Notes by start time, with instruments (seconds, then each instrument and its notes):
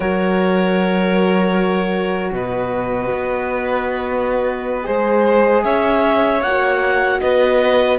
0.00 cello F#3, horn F#4, violin A#4, clarinet C#5
2.32 cello B2, violin B4, clarinet D#5
3.11 cello B3
4.83 cello G#3, horn G#4, violin C5
5.64 cello C#4, violin C#5, clarinet E5
6.42 cello A#3, horn F#4, clarinet F#5
7.20 cello B3, violin B4, clarinet D#5